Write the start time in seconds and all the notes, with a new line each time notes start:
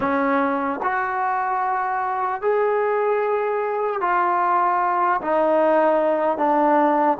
0.00 C#4
0.82 F#4
2.41 G#4
4.00 F4
5.21 D#4
6.37 D4